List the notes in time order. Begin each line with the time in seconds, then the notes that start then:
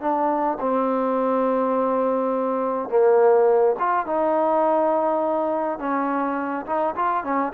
0.00 D4
0.60 C4
2.89 A#3
3.79 F4
4.05 D#4
5.78 C#4
6.66 D#4
6.95 F4
7.24 C#4